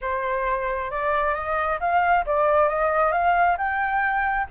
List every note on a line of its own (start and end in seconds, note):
0.01 0.90 C5
0.90 1.34 D5
1.34 1.79 D#5
1.80 2.24 F5
2.26 2.68 D5
2.68 3.12 D#5
3.12 3.56 F5
3.57 4.47 G5